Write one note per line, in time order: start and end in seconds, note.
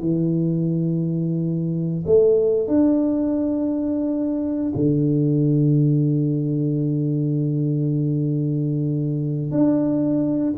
0.00 2.05 E3
2.06 2.68 A3
2.68 4.73 D4
4.75 9.51 D3
9.51 10.54 D4